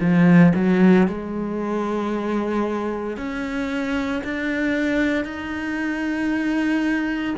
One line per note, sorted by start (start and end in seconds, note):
0.00 0.53 F3
0.55 1.07 F#3
1.07 3.17 G#3
3.17 4.22 C#4
4.24 5.24 D4
5.24 7.35 D#4